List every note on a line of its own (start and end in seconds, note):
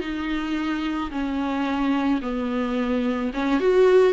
0.00 1.10 D#4
1.11 2.21 C#4
2.21 3.31 B3
3.33 3.60 C#4
3.60 4.13 F#4